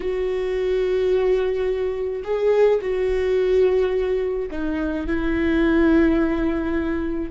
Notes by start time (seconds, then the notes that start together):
0.00 F#4
2.24 G#4
2.81 F#4
4.50 D#4
5.06 E4